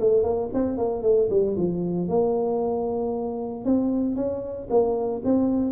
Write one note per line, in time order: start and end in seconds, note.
0.00 0.23 A3
0.23 0.49 A#3
0.54 0.78 C4
0.78 1.03 A#3
1.03 1.29 A3
1.30 1.56 G3
1.57 2.08 F3
2.08 3.65 A#3
3.65 4.16 C4
4.16 4.68 C#4
4.70 5.22 A#3
5.24 5.72 C4